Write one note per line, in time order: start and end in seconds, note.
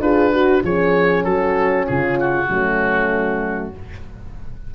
0.00 0.62 D4
0.00 0.32 F4
0.00 0.33 G#4
0.00 0.63 B4
0.32 0.63 F#4
0.32 0.64 F#4
0.63 1.25 F3
0.63 2.49 C#4
0.63 1.25 G#4
0.63 1.24 C#5
1.24 1.87 F#3
1.24 1.87 F#4
1.24 1.86 A4
1.87 2.49 C#3
1.87 2.49 F4
1.87 2.18 G#4
2.20 3.75 F#4
2.49 3.73 F#3
2.49 3.74 A3
2.49 3.74 C#4